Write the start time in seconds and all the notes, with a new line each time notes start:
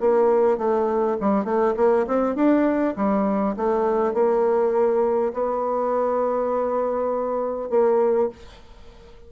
0.00 A#3
0.57 A3
1.20 G3
1.44 A3
1.76 A#3
2.07 C4
2.35 D4
2.96 G3
3.56 A3
4.13 A#3
5.33 B3
7.70 A#3